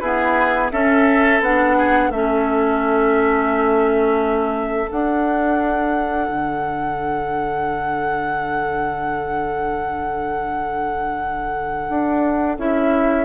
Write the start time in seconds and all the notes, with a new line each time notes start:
0.00 B3 E4 G#4 B4
0.71 C#4 A4 E5
1.40 B3 D4 F#5
1.78 G#4
2.09 A3 C#4 A4 E5
4.90 D4 F#5
6.28 D3
11.89 D4
12.58 C#4 E4 E5